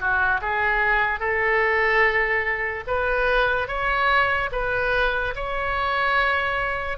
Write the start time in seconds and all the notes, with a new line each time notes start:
0.00 F#4
0.42 G#4
1.20 A4
2.88 B4
3.68 C#5
4.52 B4
5.36 C#5